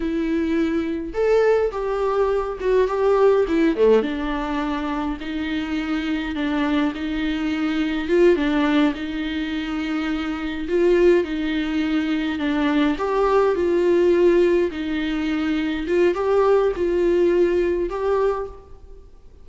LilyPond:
\new Staff \with { instrumentName = "viola" } { \time 4/4 \tempo 4 = 104 e'2 a'4 g'4~ | g'8 fis'8 g'4 e'8 a8 d'4~ | d'4 dis'2 d'4 | dis'2 f'8 d'4 dis'8~ |
dis'2~ dis'8 f'4 dis'8~ | dis'4. d'4 g'4 f'8~ | f'4. dis'2 f'8 | g'4 f'2 g'4 | }